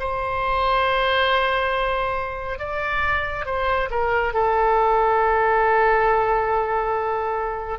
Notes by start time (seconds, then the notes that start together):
0.00 C5
2.59 D5
3.46 C5
3.91 A#4
4.34 A4